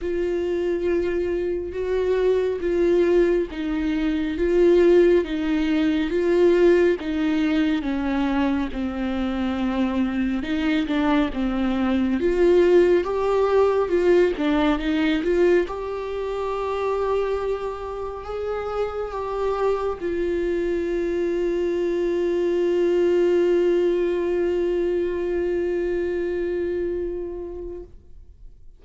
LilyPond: \new Staff \with { instrumentName = "viola" } { \time 4/4 \tempo 4 = 69 f'2 fis'4 f'4 | dis'4 f'4 dis'4 f'4 | dis'4 cis'4 c'2 | dis'8 d'8 c'4 f'4 g'4 |
f'8 d'8 dis'8 f'8 g'2~ | g'4 gis'4 g'4 f'4~ | f'1~ | f'1 | }